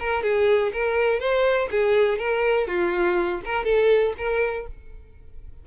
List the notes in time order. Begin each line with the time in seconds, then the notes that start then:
0.00 A#4
0.23 G#4
0.73 A#4
1.20 C5
1.71 G#4
2.19 A#4
2.67 F4
3.45 A#4
3.65 A4
4.18 A#4